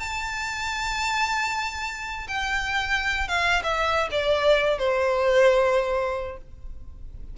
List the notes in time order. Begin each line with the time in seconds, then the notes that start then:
0.00 A5
2.28 G5
3.28 F5
3.63 E5
4.11 D5
4.79 C5